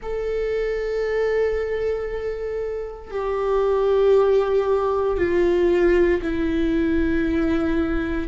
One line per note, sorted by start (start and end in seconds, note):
0.02 3.10 A4
3.10 5.17 G4
5.17 6.21 F4
6.22 8.28 E4